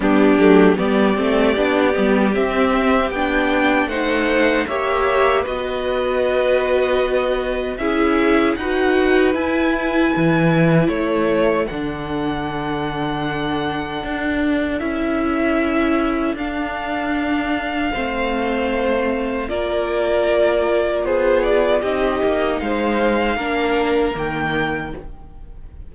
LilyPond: <<
  \new Staff \with { instrumentName = "violin" } { \time 4/4 \tempo 4 = 77 g'4 d''2 e''4 | g''4 fis''4 e''4 dis''4~ | dis''2 e''4 fis''4 | gis''2 cis''4 fis''4~ |
fis''2. e''4~ | e''4 f''2.~ | f''4 d''2 c''8 d''8 | dis''4 f''2 g''4 | }
  \new Staff \with { instrumentName = "violin" } { \time 4/4 d'4 g'2.~ | g'4 c''4 cis''4 b'4~ | b'2 gis'4 b'4~ | b'2 a'2~ |
a'1~ | a'2. c''4~ | c''4 ais'2 gis'4 | g'4 c''4 ais'2 | }
  \new Staff \with { instrumentName = "viola" } { \time 4/4 b8 a8 b8 c'8 d'8 b8 c'4 | d'4 dis'4 g'4 fis'4~ | fis'2 e'4 fis'4 | e'2. d'4~ |
d'2. e'4~ | e'4 d'2 c'4~ | c'4 f'2. | dis'2 d'4 ais4 | }
  \new Staff \with { instrumentName = "cello" } { \time 4/4 g8 fis8 g8 a8 b8 g8 c'4 | b4 a4 ais4 b4~ | b2 cis'4 dis'4 | e'4 e4 a4 d4~ |
d2 d'4 cis'4~ | cis'4 d'2 a4~ | a4 ais2 b4 | c'8 ais8 gis4 ais4 dis4 | }
>>